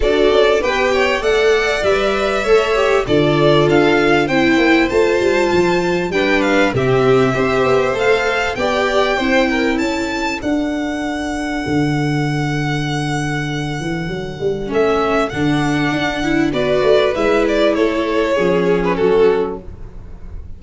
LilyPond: <<
  \new Staff \with { instrumentName = "violin" } { \time 4/4 \tempo 4 = 98 d''4 g''4 fis''4 e''4~ | e''4 d''4 f''4 g''4 | a''2 g''8 f''8 e''4~ | e''4 f''4 g''2 |
a''4 fis''2.~ | fis''1 | e''4 fis''2 d''4 | e''8 d''8 cis''4.~ cis''16 b'16 a'4 | }
  \new Staff \with { instrumentName = "violin" } { \time 4/4 a'4 b'8 cis''8 d''2 | cis''4 a'2 c''4~ | c''2 b'4 g'4 | c''2 d''4 c''8 ais'8 |
a'1~ | a'1~ | a'2. b'4~ | b'4 a'4 gis'4 fis'4 | }
  \new Staff \with { instrumentName = "viola" } { \time 4/4 fis'4 g'4 a'4 b'4 | a'8 g'8 f'2 e'4 | f'2 d'4 c'4 | g'4 a'4 g'4 e'4~ |
e'4 d'2.~ | d'1 | cis'4 d'4. e'8 fis'4 | e'2 cis'2 | }
  \new Staff \with { instrumentName = "tuba" } { \time 4/4 d'8 cis'8 b4 a4 g4 | a4 d4 d'4 c'8 ais8 | a8 g8 f4 g4 c4 | c'8 b8 a4 b4 c'4 |
cis'4 d'2 d4~ | d2~ d8 e8 fis8 g8 | a4 d4 d'4 b8 a8 | gis4 a4 f4 fis4 | }
>>